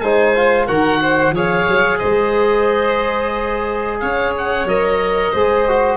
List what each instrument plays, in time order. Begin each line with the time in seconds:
0.00 tuba G#3, trombone D#4, violin C5, oboe G#5
0.35 trombone F4
0.67 tuba D#3, trombone F#4, violin A#4, oboe F#5
1.01 violin C5
1.31 tuba F3, trombone G#4, violin C#5, oboe F5
1.69 tuba F#3
1.99 tuba G#3, violin C5, oboe D#5
4.00 tuba C#4, violin C#5, oboe F5
4.38 oboe F#5
4.65 tuba F#3, trombone A#4, oboe D#5
5.32 tuba G#3, trombone G#4, violin C5
5.69 trombone F#4